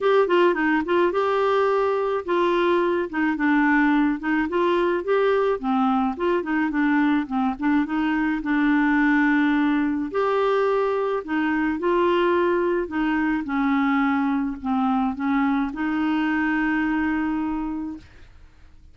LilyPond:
\new Staff \with { instrumentName = "clarinet" } { \time 4/4 \tempo 4 = 107 g'8 f'8 dis'8 f'8 g'2 | f'4. dis'8 d'4. dis'8 | f'4 g'4 c'4 f'8 dis'8 | d'4 c'8 d'8 dis'4 d'4~ |
d'2 g'2 | dis'4 f'2 dis'4 | cis'2 c'4 cis'4 | dis'1 | }